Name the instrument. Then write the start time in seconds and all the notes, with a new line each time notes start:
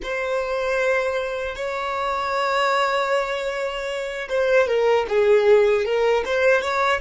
violin
0.02 C5
1.55 C#5
4.29 C5
4.67 A#4
5.09 G#4
5.85 A#4
6.25 C5
6.61 C#5